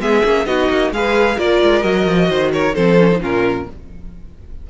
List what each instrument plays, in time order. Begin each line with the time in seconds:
0.00 cello G#3, viola B3, violin G#4 E5
0.25 cello A#3, viola C#4
0.46 cello B3, viola D#4, violin F#4 D#5
0.70 cello A#3
0.92 cello G#3, viola G#4, violin B4 F5
1.37 cello A#3, viola F4, violin A#4 D5
1.63 cello G#3
1.83 cello F#3, viola F#4, violin D#5
2.07 cello F3
2.29 cello D#3, violin C5
2.53 violin A#4 C#5
2.75 cello F3, viola C4, violin A4 C5
3.00 viola C#4
3.12 viola D#4
3.20 cello A#2, viola C#4, violin F4 A#4